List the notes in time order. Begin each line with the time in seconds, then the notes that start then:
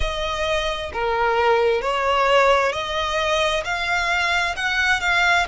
0.00 D#5
0.93 A#4
1.81 C#5
2.72 D#5
3.64 F5
4.56 F#5
5.00 F5